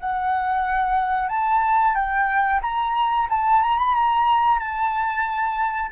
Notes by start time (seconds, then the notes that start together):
0.00 F#5
1.29 A5
1.95 G5
2.62 A#5
3.29 A5
3.62 A#5
3.78 B5
3.94 A#5
4.59 A5